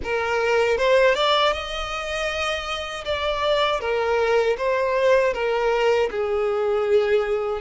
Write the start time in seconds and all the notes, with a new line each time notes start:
0.03 A#4
0.77 C5
1.14 D5
1.52 D#5
3.04 D5
3.80 A#4
4.57 C5
5.33 A#4
6.10 G#4